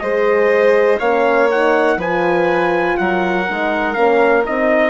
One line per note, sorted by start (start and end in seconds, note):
0.00 1.00 G#3
0.00 1.01 G#4
0.00 1.00 C5
0.00 0.98 D#5
1.00 1.97 A#3
1.00 1.51 C#4
1.00 1.98 C#5
1.00 1.49 F5
1.51 2.00 D#4
1.51 2.00 F#5
1.97 2.96 F3
1.97 3.47 F4
1.97 2.97 B4
1.97 2.98 G#5
2.98 3.49 F#3
2.98 4.91 A#4
2.98 3.94 F#5
3.49 3.97 G#3
3.49 3.95 D#4
3.94 4.46 A#3
3.94 4.44 C#4
3.94 4.43 F5
4.45 4.91 C4
4.45 4.91 D#4
4.45 4.91 D#5